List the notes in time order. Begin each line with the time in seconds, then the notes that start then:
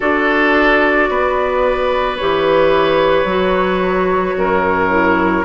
0.00 D4 F#4 A4 D5
1.09 B3 B4
2.17 E3 G4 C#5
3.24 F#3 F#4
4.37 F#2 A#4
4.89 E4